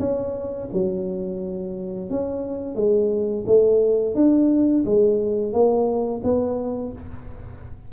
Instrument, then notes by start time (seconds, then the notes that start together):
tuba
0.00 C#4
0.73 F#3
2.10 C#4
2.76 G#3
3.47 A3
4.15 D4
4.86 G#3
5.53 A#3
6.24 B3